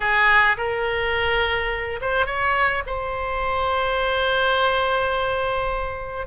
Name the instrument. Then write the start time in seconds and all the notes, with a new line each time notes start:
oboe
0.00 G#4
0.57 A#4
2.01 C5
2.25 C#5
2.86 C5